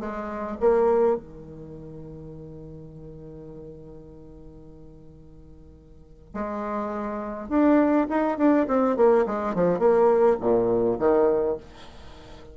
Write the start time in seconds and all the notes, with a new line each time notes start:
0.00 G#3
0.60 A#3
1.17 D#3
6.34 G#3
7.49 D4
8.10 D#4
8.38 D4
8.68 C4
8.97 A#3
9.26 G#3
9.55 F3
9.79 A#3
10.41 A#2
10.99 D#3